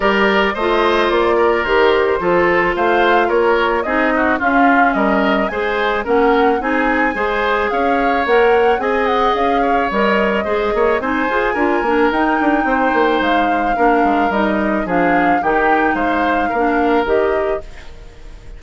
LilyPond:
<<
  \new Staff \with { instrumentName = "flute" } { \time 4/4 \tempo 4 = 109 d''4 dis''4 d''4 c''4~ | c''4 f''4 cis''4 dis''4 | f''4 dis''4 gis''4 fis''4 | gis''2 f''4 fis''4 |
gis''8 fis''8 f''4 dis''2 | gis''2 g''2 | f''2 dis''4 f''4 | g''4 f''2 dis''4 | }
  \new Staff \with { instrumentName = "oboe" } { \time 4/4 ais'4 c''4. ais'4. | a'4 c''4 ais'4 gis'8 fis'8 | f'4 ais'4 c''4 ais'4 | gis'4 c''4 cis''2 |
dis''4. cis''4. c''8 cis''8 | c''4 ais'2 c''4~ | c''4 ais'2 gis'4 | g'4 c''4 ais'2 | }
  \new Staff \with { instrumentName = "clarinet" } { \time 4/4 g'4 f'2 g'4 | f'2. dis'4 | cis'2 gis'4 cis'4 | dis'4 gis'2 ais'4 |
gis'2 ais'4 gis'4 | dis'8 gis'8 f'8 d'8 dis'2~ | dis'4 d'4 dis'4 d'4 | dis'2 d'4 g'4 | }
  \new Staff \with { instrumentName = "bassoon" } { \time 4/4 g4 a4 ais4 dis4 | f4 a4 ais4 c'4 | cis'4 g4 gis4 ais4 | c'4 gis4 cis'4 ais4 |
c'4 cis'4 g4 gis8 ais8 | c'8 f'8 d'8 ais8 dis'8 d'8 c'8 ais8 | gis4 ais8 gis8 g4 f4 | dis4 gis4 ais4 dis4 | }
>>